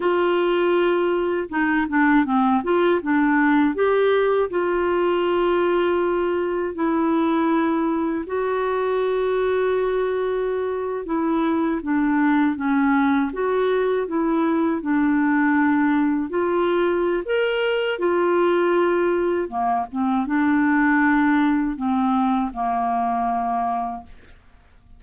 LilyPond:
\new Staff \with { instrumentName = "clarinet" } { \time 4/4 \tempo 4 = 80 f'2 dis'8 d'8 c'8 f'8 | d'4 g'4 f'2~ | f'4 e'2 fis'4~ | fis'2~ fis'8. e'4 d'16~ |
d'8. cis'4 fis'4 e'4 d'16~ | d'4.~ d'16 f'4~ f'16 ais'4 | f'2 ais8 c'8 d'4~ | d'4 c'4 ais2 | }